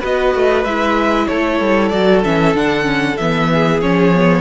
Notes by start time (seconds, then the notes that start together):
0.00 B3 F#4 B4 D#5
0.35 A3
0.65 G#3 E4 E5
1.28 A3 A4 C#5
1.60 G3
1.89 F#3 F#4 D5
2.24 E3 C#4 E5
2.55 D3 D4 F#5
2.83 C#4
3.17 E3 B3 E5
3.54 G#4
3.82 F3 C#4 C#5
4.15 B3